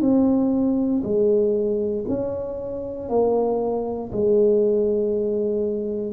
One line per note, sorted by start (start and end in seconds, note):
0.00 1.02 C4
1.03 2.05 G#3
2.08 3.09 C#4
3.09 4.10 A#3
4.12 6.12 G#3